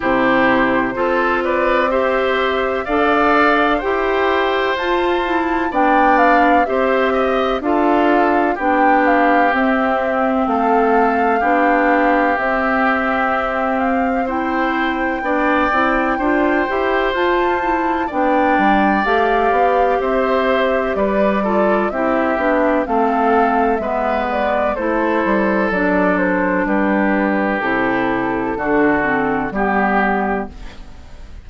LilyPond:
<<
  \new Staff \with { instrumentName = "flute" } { \time 4/4 \tempo 4 = 63 c''4. d''8 e''4 f''4 | g''4 a''4 g''8 f''8 e''4 | f''4 g''8 f''8 e''4 f''4~ | f''4 e''4. f''8 g''4~ |
g''2 a''4 g''4 | f''4 e''4 d''4 e''4 | f''4 e''8 d''8 c''4 d''8 c''8 | b'4 a'2 g'4 | }
  \new Staff \with { instrumentName = "oboe" } { \time 4/4 g'4 a'8 b'8 c''4 d''4 | c''2 d''4 c''8 dis''8 | a'4 g'2 a'4 | g'2. c''4 |
d''4 c''2 d''4~ | d''4 c''4 b'8 a'8 g'4 | a'4 b'4 a'2 | g'2 fis'4 g'4 | }
  \new Staff \with { instrumentName = "clarinet" } { \time 4/4 e'4 f'4 g'4 a'4 | g'4 f'8 e'8 d'4 g'4 | f'4 d'4 c'2 | d'4 c'2 e'4 |
d'8 e'8 f'8 g'8 f'8 e'8 d'4 | g'2~ g'8 f'8 e'8 d'8 | c'4 b4 e'4 d'4~ | d'4 e'4 d'8 c'8 b4 | }
  \new Staff \with { instrumentName = "bassoon" } { \time 4/4 c4 c'2 d'4 | e'4 f'4 b4 c'4 | d'4 b4 c'4 a4 | b4 c'2. |
b8 c'8 d'8 e'8 f'4 b8 g8 | a8 b8 c'4 g4 c'8 b8 | a4 gis4 a8 g8 fis4 | g4 c4 d4 g4 | }
>>